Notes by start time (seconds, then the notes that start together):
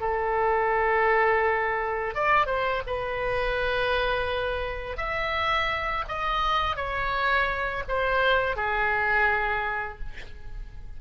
0.00 A4
2.14 D5
2.46 C5
2.87 B4
4.97 E5
6.08 D#5
6.76 C#5
7.88 C5
8.56 G#4